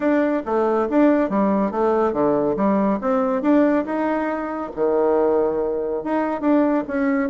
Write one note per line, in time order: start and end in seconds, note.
0.00 0.42 D4
0.45 0.88 A3
0.89 1.29 D4
1.29 1.71 G3
1.71 2.12 A3
2.12 2.55 D3
2.56 2.99 G3
3.01 3.41 C4
3.41 3.84 D4
3.85 4.70 D#4
4.75 6.03 D#3
6.03 6.41 D#4
6.41 6.83 D4
6.87 7.29 C#4